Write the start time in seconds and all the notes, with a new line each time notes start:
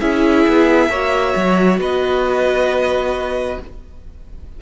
0.00 C#4 E4 G#4 E5
0.47 B3
0.89 A#3 F#4 C#5
1.36 F#3
1.79 B3 B4 D#5